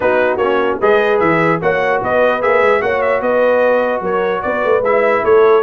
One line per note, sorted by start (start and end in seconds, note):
0.00 0.37 B3
0.00 0.39 D#4
0.00 0.79 F#4
0.00 0.37 B4
0.37 0.77 A#3
0.37 0.81 C#4
0.37 0.77 C#5
0.79 1.20 G#3
0.79 1.61 G#4
0.79 1.60 B4
0.79 1.19 D#5
1.19 1.60 E3
1.19 1.59 E5
1.61 2.02 A#3
1.61 2.41 F#4
1.61 2.02 C#5
1.61 2.02 F#5
2.02 2.42 B3
2.02 2.82 B4
2.02 2.42 D#5
2.41 2.61 A#3
2.41 2.80 G#4
2.41 2.82 E5
2.61 2.81 G#3
2.80 3.21 A#3
2.80 4.82 F#4
2.80 3.22 C#5
2.80 3.01 F#5
3.01 3.21 E5
3.21 4.00 B3
3.21 4.01 B4
3.21 4.02 D#5
4.00 4.41 F#3
4.00 4.41 A#4
4.00 4.42 C#5
4.42 4.64 B3
4.42 5.24 B4
4.42 4.82 D5
4.64 4.80 A3
4.80 5.21 G#3
4.80 5.62 E4
4.80 5.24 E5
5.24 5.62 A3
5.24 5.62 A4
5.24 5.62 C#5